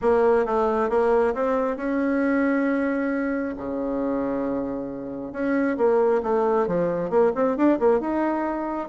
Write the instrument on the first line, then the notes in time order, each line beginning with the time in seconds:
bassoon
0.01 A#3
0.45 A3
0.89 A#3
1.34 C4
1.77 C#4
3.57 C#3
5.32 C#4
5.77 A#3
6.22 A3
6.67 F3
7.09 A#3
7.34 C4
7.56 D4
7.79 A#3
8.00 D#4